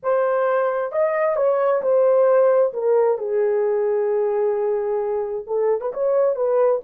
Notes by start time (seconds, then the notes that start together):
0.02 C5
0.92 D#5
1.36 C#5
1.82 C5
2.73 A#4
3.18 G#4
5.46 A4
5.81 B4
5.93 C#5
6.35 B4